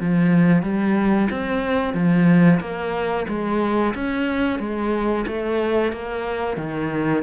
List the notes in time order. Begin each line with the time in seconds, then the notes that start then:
0.00 F3
0.62 G3
1.30 C4
1.94 F3
2.60 A#3
3.28 G#3
3.94 C#4
4.59 G#3
5.27 A3
5.92 A#3
6.57 D#3